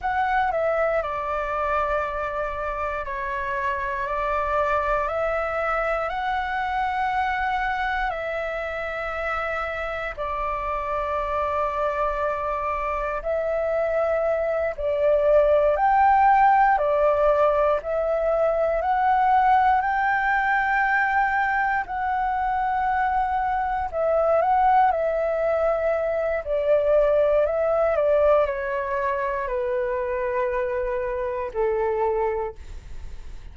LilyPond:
\new Staff \with { instrumentName = "flute" } { \time 4/4 \tempo 4 = 59 fis''8 e''8 d''2 cis''4 | d''4 e''4 fis''2 | e''2 d''2~ | d''4 e''4. d''4 g''8~ |
g''8 d''4 e''4 fis''4 g''8~ | g''4. fis''2 e''8 | fis''8 e''4. d''4 e''8 d''8 | cis''4 b'2 a'4 | }